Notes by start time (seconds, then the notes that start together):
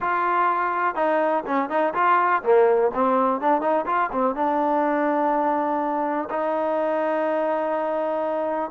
0.00 F4
0.95 D#4
1.46 C#4
1.69 D#4
1.94 F4
2.42 A#3
2.94 C4
3.40 D4
3.61 D#4
3.86 F4
4.12 C4
4.35 D4
6.30 D#4